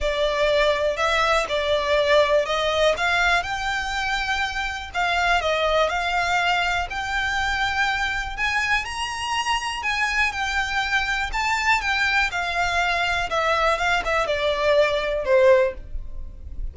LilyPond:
\new Staff \with { instrumentName = "violin" } { \time 4/4 \tempo 4 = 122 d''2 e''4 d''4~ | d''4 dis''4 f''4 g''4~ | g''2 f''4 dis''4 | f''2 g''2~ |
g''4 gis''4 ais''2 | gis''4 g''2 a''4 | g''4 f''2 e''4 | f''8 e''8 d''2 c''4 | }